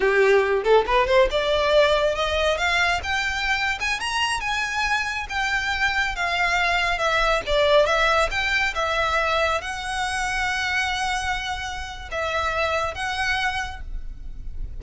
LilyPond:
\new Staff \with { instrumentName = "violin" } { \time 4/4 \tempo 4 = 139 g'4. a'8 b'8 c''8 d''4~ | d''4 dis''4 f''4 g''4~ | g''8. gis''8 ais''4 gis''4.~ gis''16~ | gis''16 g''2 f''4.~ f''16~ |
f''16 e''4 d''4 e''4 g''8.~ | g''16 e''2 fis''4.~ fis''16~ | fis''1 | e''2 fis''2 | }